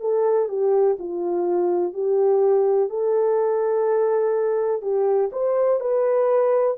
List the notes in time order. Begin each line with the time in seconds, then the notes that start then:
0.00 A4
0.48 G4
0.99 F4
1.93 G4
2.89 A4
4.81 G4
5.32 C5
5.80 B4